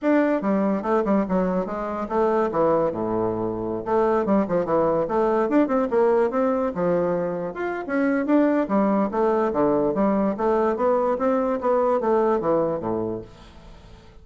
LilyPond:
\new Staff \with { instrumentName = "bassoon" } { \time 4/4 \tempo 4 = 145 d'4 g4 a8 g8 fis4 | gis4 a4 e4 a,4~ | a,4~ a,16 a4 g8 f8 e8.~ | e16 a4 d'8 c'8 ais4 c'8.~ |
c'16 f2 f'8. cis'4 | d'4 g4 a4 d4 | g4 a4 b4 c'4 | b4 a4 e4 a,4 | }